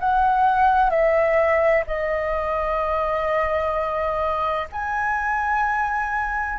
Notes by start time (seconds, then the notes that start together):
0.00 F#5
0.90 E5
1.87 D#5
4.72 G#5